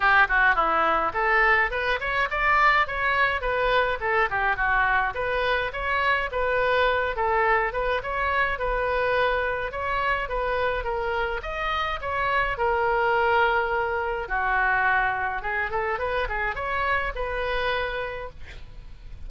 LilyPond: \new Staff \with { instrumentName = "oboe" } { \time 4/4 \tempo 4 = 105 g'8 fis'8 e'4 a'4 b'8 cis''8 | d''4 cis''4 b'4 a'8 g'8 | fis'4 b'4 cis''4 b'4~ | b'8 a'4 b'8 cis''4 b'4~ |
b'4 cis''4 b'4 ais'4 | dis''4 cis''4 ais'2~ | ais'4 fis'2 gis'8 a'8 | b'8 gis'8 cis''4 b'2 | }